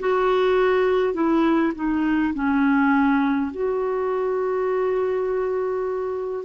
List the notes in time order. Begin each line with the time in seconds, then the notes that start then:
0.00 F#4
1.14 E4
1.75 D#4
2.34 C#4
3.51 F#4